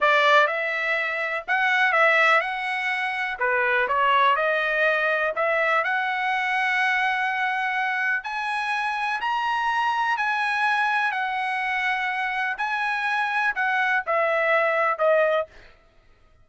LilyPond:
\new Staff \with { instrumentName = "trumpet" } { \time 4/4 \tempo 4 = 124 d''4 e''2 fis''4 | e''4 fis''2 b'4 | cis''4 dis''2 e''4 | fis''1~ |
fis''4 gis''2 ais''4~ | ais''4 gis''2 fis''4~ | fis''2 gis''2 | fis''4 e''2 dis''4 | }